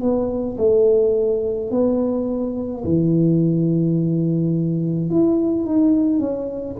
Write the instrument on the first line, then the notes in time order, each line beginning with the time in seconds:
tuba
0.00 B3
0.58 A3
1.70 B3
2.84 E3
5.09 E4
5.64 D#4
6.19 C#4